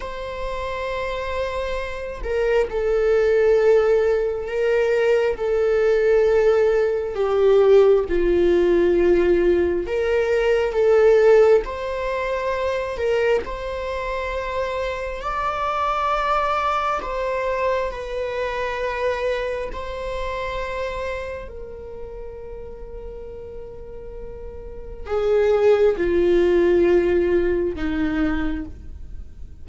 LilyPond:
\new Staff \with { instrumentName = "viola" } { \time 4/4 \tempo 4 = 67 c''2~ c''8 ais'8 a'4~ | a'4 ais'4 a'2 | g'4 f'2 ais'4 | a'4 c''4. ais'8 c''4~ |
c''4 d''2 c''4 | b'2 c''2 | ais'1 | gis'4 f'2 dis'4 | }